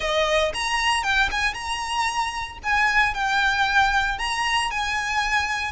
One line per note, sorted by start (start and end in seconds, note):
0.00 0.52 D#5
0.54 1.03 A#5
1.03 1.29 G5
1.31 1.54 G#5
1.54 2.58 A#5
2.63 3.14 G#5
3.14 4.18 G5
4.18 4.70 A#5
4.71 5.72 G#5